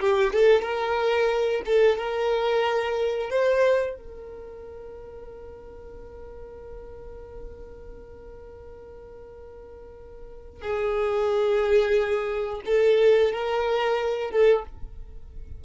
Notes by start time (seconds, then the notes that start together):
0.00 G4
0.33 A4
0.62 A#4
1.65 A4
1.98 A#4
3.30 C5
3.96 A#4
10.62 G#4
12.65 A4
13.32 A#4
14.31 A4